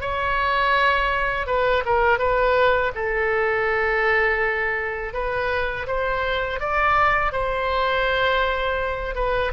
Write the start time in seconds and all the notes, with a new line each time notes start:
0.00 C#5
1.46 B4
1.85 A#4
2.18 B4
2.94 A4
5.13 B4
5.87 C5
6.60 D5
7.32 C5
9.15 B4